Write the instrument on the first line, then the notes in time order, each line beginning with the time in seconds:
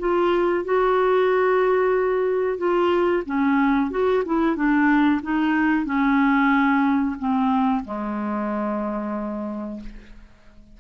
clarinet
0.00 F4
0.65 F#4
2.58 F4
3.26 C#4
3.91 F#4
4.26 E4
4.57 D4
5.23 D#4
5.86 C#4
7.19 C4
7.85 G#3